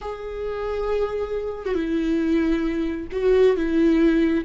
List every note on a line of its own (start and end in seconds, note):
0.01 1.65 G#4
1.65 1.74 F#4
1.74 3.07 E4
3.12 3.56 F#4
3.56 4.44 E4